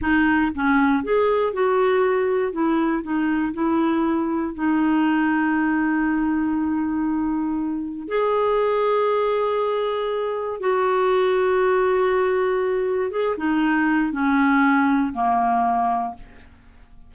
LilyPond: \new Staff \with { instrumentName = "clarinet" } { \time 4/4 \tempo 4 = 119 dis'4 cis'4 gis'4 fis'4~ | fis'4 e'4 dis'4 e'4~ | e'4 dis'2.~ | dis'1 |
gis'1~ | gis'4 fis'2.~ | fis'2 gis'8 dis'4. | cis'2 ais2 | }